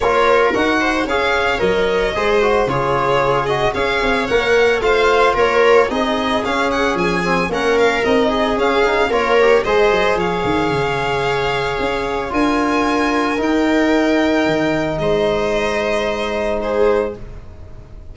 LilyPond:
<<
  \new Staff \with { instrumentName = "violin" } { \time 4/4 \tempo 4 = 112 cis''4 fis''4 f''4 dis''4~ | dis''4 cis''4. dis''8 f''4 | fis''4 f''4 cis''4 dis''4 | f''8 fis''8 gis''4 fis''8 f''8 dis''4 |
f''4 cis''4 dis''4 f''4~ | f''2. gis''4~ | gis''4 g''2. | dis''2. c''4 | }
  \new Staff \with { instrumentName = "viola" } { \time 4/4 ais'4. c''8 cis''2 | c''4 gis'2 cis''4~ | cis''4 c''4 ais'4 gis'4~ | gis'2 ais'4. gis'8~ |
gis'4 ais'4 c''4 cis''4~ | cis''2. ais'4~ | ais'1 | c''2. gis'4 | }
  \new Staff \with { instrumentName = "trombone" } { \time 4/4 f'4 fis'4 gis'4 ais'4 | gis'8 fis'8 f'4. fis'8 gis'4 | ais'4 f'2 dis'4 | cis'4. c'8 cis'4 dis'4 |
cis'8 dis'8 f'8 g'8 gis'2~ | gis'2. f'4~ | f'4 dis'2.~ | dis'1 | }
  \new Staff \with { instrumentName = "tuba" } { \time 4/4 ais4 dis'4 cis'4 fis4 | gis4 cis2 cis'8 c'8 | ais4 a4 ais4 c'4 | cis'4 f4 ais4 c'4 |
cis'4 ais4 gis8 fis8 f8 dis8 | cis2 cis'4 d'4~ | d'4 dis'2 dis4 | gis1 | }
>>